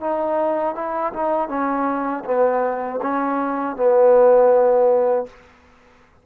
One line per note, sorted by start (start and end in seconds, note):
0.00 0.75 D#4
0.75 1.12 E4
1.13 1.49 D#4
1.49 2.24 C#4
2.25 3.00 B3
3.02 3.76 C#4
3.76 5.26 B3